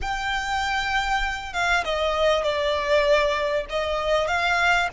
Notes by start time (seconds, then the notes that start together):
0.01 G5
1.53 F5
1.84 D#5
2.43 D5
3.69 D#5
4.27 F5